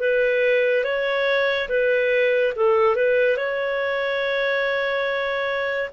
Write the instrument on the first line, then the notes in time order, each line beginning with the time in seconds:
clarinet
0.00 B4
0.85 C#5
1.69 B4
2.57 A4
2.96 B4
3.37 C#5